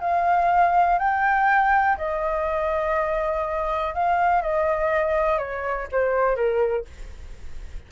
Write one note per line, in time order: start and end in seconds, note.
0.00 0.98 F5
0.98 1.96 G5
1.97 3.94 D#5
3.94 4.42 F5
4.42 5.38 D#5
5.38 5.87 C#5
5.92 6.36 C5
6.36 6.85 A#4